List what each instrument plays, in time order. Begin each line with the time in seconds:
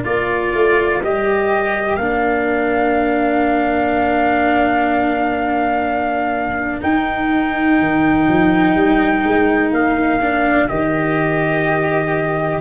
0.00 tuba A#3, cello F4, trumpet A#4 D5
0.53 tuba A3
1.02 tuba G3, cello G4, trumpet D#5
1.96 tuba A#3, cello D4, trumpet F5
6.81 cello D#4, tuba D#4, trumpet G5
7.79 tuba D#3
8.28 tuba F3
8.75 tuba G3
9.24 tuba G#3
9.71 tuba A#3, trumpet F5
10.21 cello D4
10.68 tuba D#3, cello G4, trumpet D#5